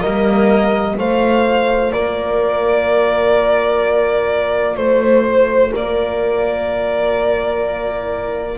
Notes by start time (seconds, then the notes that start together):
0.00 G3 A#3 A#4 D#5
0.95 A3 F4 C5 F5
1.92 A#3 A#4 D5
4.76 A3 C5
5.71 A#3 A#4 D5